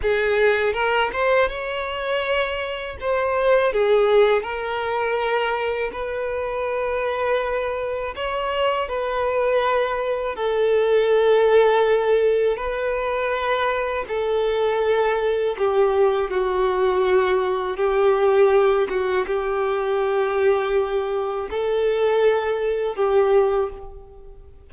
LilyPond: \new Staff \with { instrumentName = "violin" } { \time 4/4 \tempo 4 = 81 gis'4 ais'8 c''8 cis''2 | c''4 gis'4 ais'2 | b'2. cis''4 | b'2 a'2~ |
a'4 b'2 a'4~ | a'4 g'4 fis'2 | g'4. fis'8 g'2~ | g'4 a'2 g'4 | }